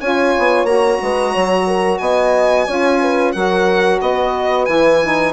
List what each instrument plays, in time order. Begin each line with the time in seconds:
0.00 bassoon C#4, saxophone F4, horn C#5, violin G#5
0.38 bassoon B3
0.63 bassoon A#3, saxophone F#4, violin A#5
1.02 bassoon G#3, horn B4
1.32 bassoon F#3, horn C#5
1.67 horn A#4
1.98 bassoon B3, horn D#5, violin G#5
2.67 bassoon C#4, saxophone F4, horn C#5
3.01 horn B4
3.32 bassoon F#3, saxophone F#4, horn A#4, violin F#5
4.01 bassoon B3, horn B4, violin D#5
4.65 bassoon E3, saxophone E4, violin G#5
5.03 saxophone D#4